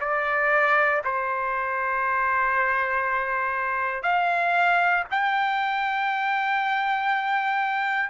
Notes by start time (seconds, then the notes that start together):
0.00 D5
1.04 C5
4.03 F5
5.10 G5